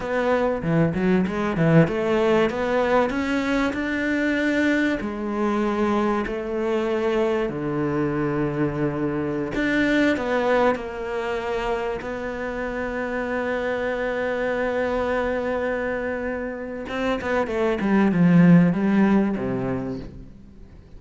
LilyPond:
\new Staff \with { instrumentName = "cello" } { \time 4/4 \tempo 4 = 96 b4 e8 fis8 gis8 e8 a4 | b4 cis'4 d'2 | gis2 a2 | d2.~ d16 d'8.~ |
d'16 b4 ais2 b8.~ | b1~ | b2. c'8 b8 | a8 g8 f4 g4 c4 | }